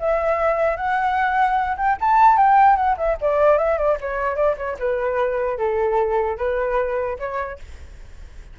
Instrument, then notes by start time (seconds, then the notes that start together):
flute
0.00 E5
0.76 F#5
1.77 G5
2.01 A5
2.37 G5
2.76 F#5
2.97 E5
3.21 D5
3.58 E5
3.78 D5
4.00 C#5
4.36 D5
4.57 C#5
4.79 B4
5.58 A4
6.37 B4
7.19 C#5